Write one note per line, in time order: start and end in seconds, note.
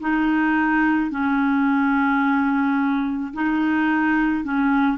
0.00 1.11 D#4
1.11 3.33 C#4
3.33 4.44 D#4
4.44 4.97 C#4